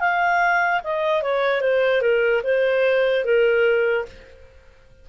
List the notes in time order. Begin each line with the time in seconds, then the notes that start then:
0.00 F5
0.84 D#5
1.22 C#5
1.61 C5
2.01 A#4
2.44 C5
3.25 A#4